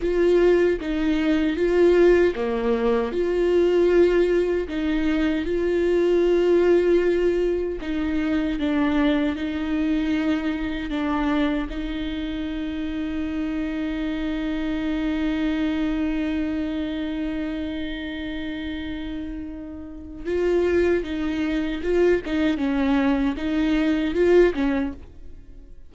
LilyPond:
\new Staff \with { instrumentName = "viola" } { \time 4/4 \tempo 4 = 77 f'4 dis'4 f'4 ais4 | f'2 dis'4 f'4~ | f'2 dis'4 d'4 | dis'2 d'4 dis'4~ |
dis'1~ | dis'1~ | dis'2 f'4 dis'4 | f'8 dis'8 cis'4 dis'4 f'8 cis'8 | }